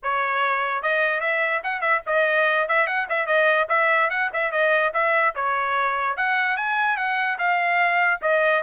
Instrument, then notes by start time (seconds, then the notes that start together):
trumpet
0.02 C#5
0.82 D#5
1.20 E5
1.63 F#5
1.81 E5
2.06 D#5
2.68 E5
2.86 F#5
3.09 E5
3.26 D#5
3.68 E5
4.10 F#5
4.33 E5
4.51 D#5
4.93 E5
5.35 C#5
6.16 F#5
6.57 G#5
6.96 F#5
7.38 F5
8.21 D#5